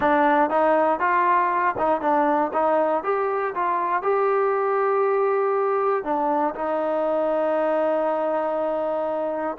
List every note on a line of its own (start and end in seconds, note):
0.00 0.50 D4
0.50 0.99 D#4
0.99 1.75 F4
1.78 2.01 D#4
2.01 2.51 D4
2.53 3.03 D#4
3.03 3.53 G4
3.55 4.02 F4
4.02 6.04 G4
6.04 6.54 D4
6.54 9.57 D#4